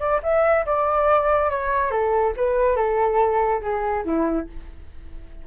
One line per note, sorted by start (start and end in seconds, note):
0.00 0.21 D5
0.23 0.66 E5
0.66 1.51 D5
1.51 1.91 C#5
1.91 2.34 A4
2.37 2.76 B4
2.76 3.62 A4
3.62 4.05 G#4
4.05 4.48 E4